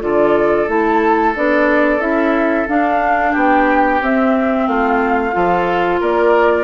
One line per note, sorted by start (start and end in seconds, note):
0.00 0.68 D3
0.00 0.67 F4
0.00 3.31 A4
0.00 0.68 D5
0.67 1.34 A3
0.67 1.33 E4
0.67 1.35 A5
1.35 1.99 B3
1.35 1.99 D4
1.35 2.00 D5
1.99 2.65 C#4
1.99 2.66 E4
1.99 2.67 E5
2.67 4.01 D4
2.67 3.35 D4
2.67 3.34 F5
3.31 4.01 B3
3.31 4.65 G4
3.31 4.01 G5
4.01 4.67 C4
4.01 5.32 C4
4.01 4.67 E5
4.67 5.33 A3
4.67 5.34 F4
4.67 6.00 F5
5.32 6.01 F3
5.32 6.64 F4
5.32 6.00 A4
6.00 6.64 A#3
6.00 6.64 A#4
6.00 6.64 D5